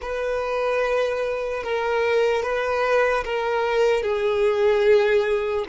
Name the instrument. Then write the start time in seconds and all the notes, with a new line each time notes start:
violin
0.01 B4
1.63 A#4
2.43 B4
3.24 A#4
4.02 G#4